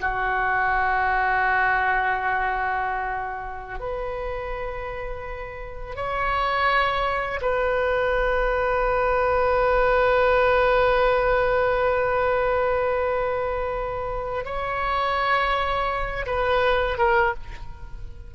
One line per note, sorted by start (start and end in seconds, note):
0.00 3.79 F#4
3.79 5.95 B4
5.95 7.40 C#5
7.41 14.45 B4
14.45 16.26 C#5
16.26 16.97 B4
16.97 17.33 A#4